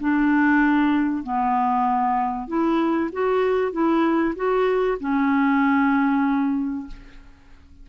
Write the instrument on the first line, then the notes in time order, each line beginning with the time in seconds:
clarinet
0.00 D4
1.23 B3
2.47 E4
3.12 F#4
3.72 E4
4.36 F#4
5.00 C#4